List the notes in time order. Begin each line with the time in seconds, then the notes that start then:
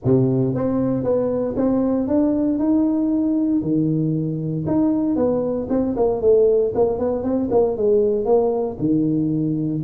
0.04 C3
0.54 C4
1.03 B3
1.56 C4
2.07 D4
2.58 D#4
3.62 D#3
4.66 D#4
5.15 B3
5.69 C4
5.96 A#3
6.21 A3
6.74 A#3
6.98 B3
7.23 C4
7.50 A#3
7.76 G#3
8.25 A#3
8.79 D#3